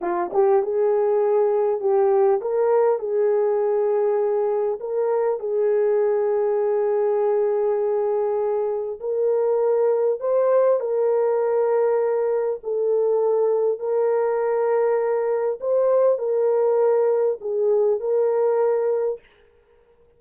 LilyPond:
\new Staff \with { instrumentName = "horn" } { \time 4/4 \tempo 4 = 100 f'8 g'8 gis'2 g'4 | ais'4 gis'2. | ais'4 gis'2.~ | gis'2. ais'4~ |
ais'4 c''4 ais'2~ | ais'4 a'2 ais'4~ | ais'2 c''4 ais'4~ | ais'4 gis'4 ais'2 | }